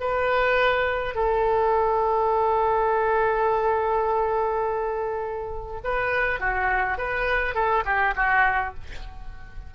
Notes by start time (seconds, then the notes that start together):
0.00 B4
1.15 A4
5.84 B4
6.39 F#4
6.98 B4
7.54 A4
7.85 G4
8.16 F#4